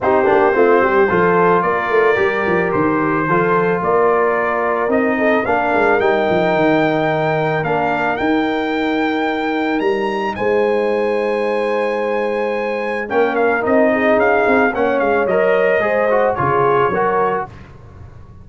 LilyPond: <<
  \new Staff \with { instrumentName = "trumpet" } { \time 4/4 \tempo 4 = 110 c''2. d''4~ | d''4 c''2 d''4~ | d''4 dis''4 f''4 g''4~ | g''2 f''4 g''4~ |
g''2 ais''4 gis''4~ | gis''1 | g''8 f''8 dis''4 f''4 fis''8 f''8 | dis''2 cis''2 | }
  \new Staff \with { instrumentName = "horn" } { \time 4/4 g'4 f'8 g'8 a'4 ais'4~ | ais'2 a'4 ais'4~ | ais'4. a'8 ais'2~ | ais'1~ |
ais'2. c''4~ | c''1 | ais'4. gis'4. cis''4~ | cis''4 c''4 gis'4 ais'4 | }
  \new Staff \with { instrumentName = "trombone" } { \time 4/4 dis'8 d'8 c'4 f'2 | g'2 f'2~ | f'4 dis'4 d'4 dis'4~ | dis'2 d'4 dis'4~ |
dis'1~ | dis'1 | cis'4 dis'2 cis'4 | ais'4 gis'8 fis'8 f'4 fis'4 | }
  \new Staff \with { instrumentName = "tuba" } { \time 4/4 c'8 ais8 a8 g8 f4 ais8 a8 | g8 f8 dis4 f4 ais4~ | ais4 c'4 ais8 gis8 g8 f8 | dis2 ais4 dis'4~ |
dis'2 g4 gis4~ | gis1 | ais4 c'4 cis'8 c'8 ais8 gis8 | fis4 gis4 cis4 fis4 | }
>>